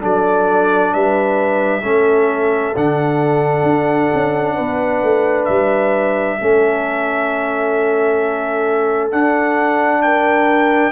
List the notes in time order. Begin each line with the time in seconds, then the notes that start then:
0.00 F#3 D4 A4 D5
0.94 G3 B4 E5
1.82 A3 C#4 A4
2.76 D3 D4 F#5
3.63 D4
4.14 C#4
4.55 B3 B4
5.03 A3
5.45 G3 E5
6.39 A3 C#4 A4
9.12 D4 F#5
10.02 A#4 G5